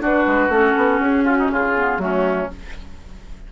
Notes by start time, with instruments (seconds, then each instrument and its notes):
0.00 bassoon D4, clarinet D4, oboe F#4, flute B4
0.27 bassoon G#3
0.49 bassoon A3, clarinet C#4, flute A4
0.77 bassoon B3
0.99 bassoon C#4, flute G#4
1.24 oboe F4, flute F#4
1.39 oboe D#4
1.50 bassoon C#3, oboe F4, flute G#4
1.75 clarinet B3
1.98 bassoon F#3, clarinet A3, oboe C#4, flute F#4